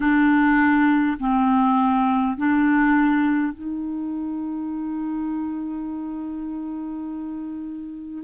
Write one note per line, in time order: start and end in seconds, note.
0.00 1.17 D4
1.19 2.37 C4
2.37 3.53 D4
3.53 8.24 D#4